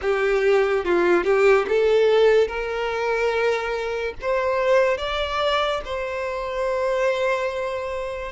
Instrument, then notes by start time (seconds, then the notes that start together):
violin
0.01 G4
0.84 F4
1.24 G4
1.68 A4
2.47 A#4
4.21 C5
4.97 D5
5.84 C5